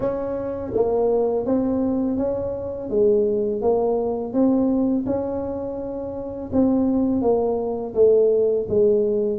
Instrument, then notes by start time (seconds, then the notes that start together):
tuba
0.00 C#4
0.74 A#3
1.45 C4
2.17 C#4
2.89 G#3
3.61 A#3
4.33 C4
5.06 C#4
6.52 C4
7.21 A#3
7.94 A3
8.68 G#3